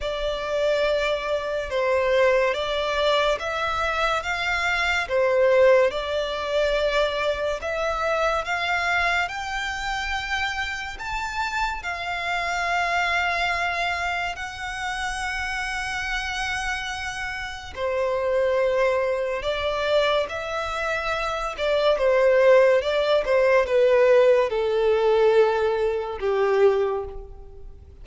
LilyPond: \new Staff \with { instrumentName = "violin" } { \time 4/4 \tempo 4 = 71 d''2 c''4 d''4 | e''4 f''4 c''4 d''4~ | d''4 e''4 f''4 g''4~ | g''4 a''4 f''2~ |
f''4 fis''2.~ | fis''4 c''2 d''4 | e''4. d''8 c''4 d''8 c''8 | b'4 a'2 g'4 | }